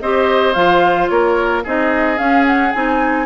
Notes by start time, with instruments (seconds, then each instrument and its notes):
0.00 bassoon C4, clarinet G4, oboe C5, flute D#5
0.53 bassoon F3, clarinet F4, flute F5
1.08 bassoon A#3, oboe A#4, flute C#5
1.63 bassoon C4, clarinet D#4, oboe G#4, flute D#5
2.17 clarinet C#4, bassoon C#4, flute F5
2.46 flute F#5
2.72 bassoon C4, clarinet D#4, flute G#5